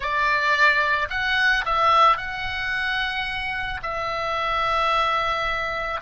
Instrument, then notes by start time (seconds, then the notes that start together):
oboe
0.00 D5
1.10 F#5
1.65 E5
2.17 F#5
3.82 E5